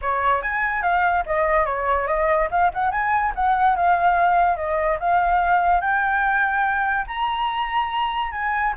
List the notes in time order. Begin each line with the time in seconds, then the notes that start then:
0.01 C#5
0.41 G#5
0.82 F5
1.26 D#5
1.65 C#5
2.07 D#5
2.51 F5
2.73 F#5
2.91 G#5
3.35 F#5
3.76 F5
4.56 D#5
4.99 F5
5.80 G5
7.07 A#5
8.31 G#5